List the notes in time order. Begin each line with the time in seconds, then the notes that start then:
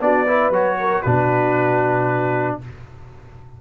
0.00 B3 D4 F#4 D5
0.26 E4 B4
0.50 F#3 F#4 C#5
0.80 A#4
1.02 B2 D4 F#4 B4